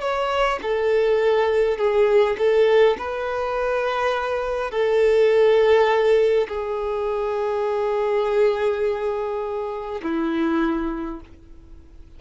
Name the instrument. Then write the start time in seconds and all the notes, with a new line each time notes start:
violin
0.00 C#5
0.62 A4
1.78 G#4
2.38 A4
2.98 B4
4.71 A4
6.48 G#4
10.02 E4